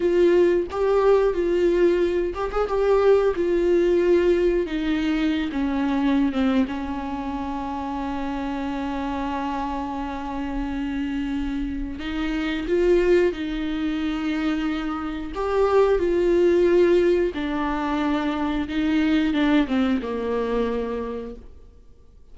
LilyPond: \new Staff \with { instrumentName = "viola" } { \time 4/4 \tempo 4 = 90 f'4 g'4 f'4. g'16 gis'16 | g'4 f'2 dis'4~ | dis'16 cis'4~ cis'16 c'8 cis'2~ | cis'1~ |
cis'2 dis'4 f'4 | dis'2. g'4 | f'2 d'2 | dis'4 d'8 c'8 ais2 | }